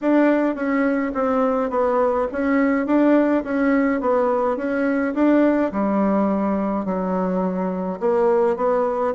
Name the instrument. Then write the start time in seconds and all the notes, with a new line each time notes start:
bassoon
0.01 D4
0.55 C#4
1.14 C4
1.70 B3
2.31 C#4
2.86 D4
3.44 C#4
4.01 B3
4.56 C#4
5.14 D4
5.72 G3
6.85 F#3
7.99 A#3
8.56 B3